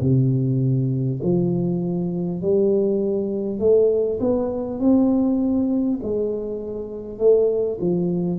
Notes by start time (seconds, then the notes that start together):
0.00 C3
1.22 F3
2.41 G3
3.59 A3
4.20 B3
4.79 C4
6.03 G#3
7.18 A3
7.80 F3